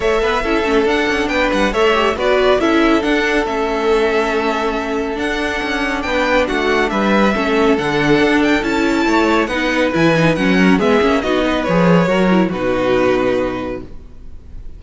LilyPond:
<<
  \new Staff \with { instrumentName = "violin" } { \time 4/4 \tempo 4 = 139 e''2 fis''4 g''8 fis''8 | e''4 d''4 e''4 fis''4 | e''1 | fis''2 g''4 fis''4 |
e''2 fis''4. g''8 | a''2 fis''4 gis''4 | fis''4 e''4 dis''4 cis''4~ | cis''4 b'2. | }
  \new Staff \with { instrumentName = "violin" } { \time 4/4 cis''8 b'8 a'2 b'4 | cis''4 b'4 a'2~ | a'1~ | a'2 b'4 fis'4 |
b'4 a'2.~ | a'4 cis''4 b'2~ | b'8 ais'8 gis'4 fis'8 b'4. | ais'4 fis'2. | }
  \new Staff \with { instrumentName = "viola" } { \time 4/4 a'4 e'8 cis'8 d'2 | a'8 g'8 fis'4 e'4 d'4 | cis'1 | d'1~ |
d'4 cis'4 d'2 | e'2 dis'4 e'8 dis'8 | cis'4 b8 cis'8 dis'4 gis'4 | fis'8 e'8 dis'2. | }
  \new Staff \with { instrumentName = "cello" } { \time 4/4 a8 b8 cis'8 a8 d'8 cis'8 b8 g8 | a4 b4 cis'4 d'4 | a1 | d'4 cis'4 b4 a4 |
g4 a4 d4 d'4 | cis'4 a4 b4 e4 | fis4 gis8 ais8 b4 f4 | fis4 b,2. | }
>>